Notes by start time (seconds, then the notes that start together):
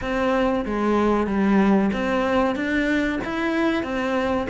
0.01 C4
0.65 G#3
1.26 G3
1.92 C4
2.55 D4
3.24 E4
3.83 C4